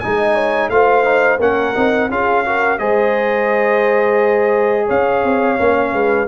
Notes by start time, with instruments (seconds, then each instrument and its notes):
0.00 tuba G#3, trombone D#4, horn D#5, trumpet G#5
0.35 horn C#5
0.69 tuba A3, trombone F4, horn C5, trumpet F5
1.04 trombone D#4
1.40 tuba A#3, trombone C#4, horn A#4, trumpet F#5
1.75 tuba C4, trombone D#4
2.10 tuba C#4, trombone F4, horn G#4, trumpet F5
2.46 trombone F#4, horn A#4
2.79 tuba G#3, trombone G#4, horn C5, trumpet D#5
4.86 tuba C#4, horn C#5, trumpet F5
5.24 tuba C4
5.59 tuba A#3, trombone C#4
5.94 tuba G#3, horn B4